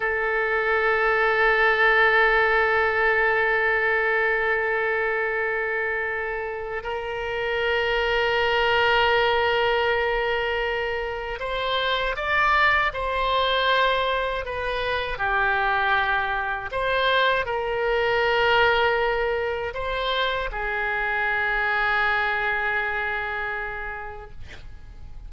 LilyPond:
\new Staff \with { instrumentName = "oboe" } { \time 4/4 \tempo 4 = 79 a'1~ | a'1~ | a'4 ais'2.~ | ais'2. c''4 |
d''4 c''2 b'4 | g'2 c''4 ais'4~ | ais'2 c''4 gis'4~ | gis'1 | }